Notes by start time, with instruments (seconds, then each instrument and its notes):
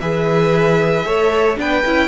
0.00 cello E3, viola G#4, violin B4 E5
1.04 cello A3, viola A4, violin C#5
1.57 cello B3, viola D4, violin B4 G5
1.85 cello C#4, viola E4